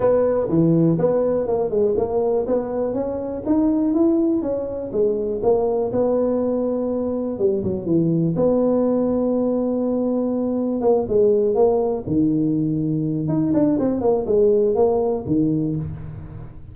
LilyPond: \new Staff \with { instrumentName = "tuba" } { \time 4/4 \tempo 4 = 122 b4 e4 b4 ais8 gis8 | ais4 b4 cis'4 dis'4 | e'4 cis'4 gis4 ais4 | b2. g8 fis8 |
e4 b2.~ | b2 ais8 gis4 ais8~ | ais8 dis2~ dis8 dis'8 d'8 | c'8 ais8 gis4 ais4 dis4 | }